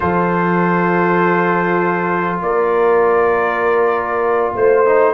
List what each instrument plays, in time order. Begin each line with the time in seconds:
0.00 tuba F3, trombone F4, horn A4, trumpet C5
2.41 tuba A#3, horn A#4, trumpet D5
4.54 tuba A3, horn C5, trumpet C5
4.85 trombone D#4